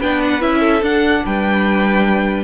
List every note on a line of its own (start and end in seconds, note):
0.00 0.42 B3
0.00 0.41 D4
0.00 0.60 B4
0.00 0.22 G5
0.22 0.42 F#5
0.41 0.82 C#4
0.41 0.82 E4
0.41 0.83 E5
0.60 1.21 A4
0.82 1.23 D4
0.82 2.44 D4
0.82 1.26 F#5
1.26 2.44 G3
1.26 2.44 B4
1.26 2.44 G5